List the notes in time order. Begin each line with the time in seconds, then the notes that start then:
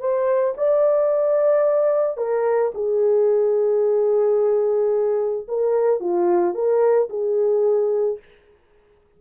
0.00 C5
0.57 D5
2.17 A#4
2.74 G#4
5.48 A#4
6.00 F4
6.54 A#4
7.10 G#4